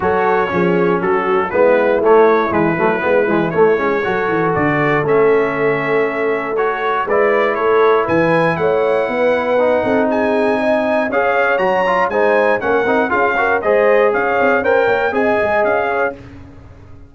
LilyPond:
<<
  \new Staff \with { instrumentName = "trumpet" } { \time 4/4 \tempo 4 = 119 cis''2 a'4 b'4 | cis''4 b'2 cis''4~ | cis''4 d''4 e''2~ | e''4 cis''4 d''4 cis''4 |
gis''4 fis''2. | gis''2 f''4 ais''4 | gis''4 fis''4 f''4 dis''4 | f''4 g''4 gis''4 f''4 | }
  \new Staff \with { instrumentName = "horn" } { \time 4/4 a'4 gis'4 fis'4 e'4~ | e'1 | a'1~ | a'2 b'4 a'4 |
b'4 cis''4 b'4. a'8 | gis'4 dis''4 cis''2 | c''4 ais'4 gis'8 ais'8 c''4 | cis''4 c''8 cis''8 dis''4. cis''8 | }
  \new Staff \with { instrumentName = "trombone" } { \time 4/4 fis'4 cis'2 b4 | a4 gis8 a8 b8 gis8 a8 cis'8 | fis'2 cis'2~ | cis'4 fis'4 e'2~ |
e'2. dis'4~ | dis'2 gis'4 fis'8 f'8 | dis'4 cis'8 dis'8 f'8 fis'8 gis'4~ | gis'4 ais'4 gis'2 | }
  \new Staff \with { instrumentName = "tuba" } { \time 4/4 fis4 f4 fis4 gis4 | a4 e8 fis8 gis8 e8 a8 gis8 | fis8 e8 d4 a2~ | a2 gis4 a4 |
e4 a4 b4. c'8~ | c'2 cis'4 fis4 | gis4 ais8 c'8 cis'4 gis4 | cis'8 c'8 cis'8 ais8 c'8 gis8 cis'4 | }
>>